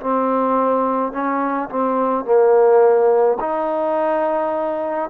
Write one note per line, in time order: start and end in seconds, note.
0.00 1.12 C4
1.12 1.69 C#4
1.69 2.24 C4
2.24 3.38 A#3
3.40 5.09 D#4